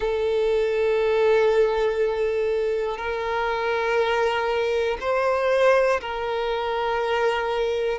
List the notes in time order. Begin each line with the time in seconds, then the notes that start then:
0.00 A4
2.97 A#4
5.00 C5
6.00 A#4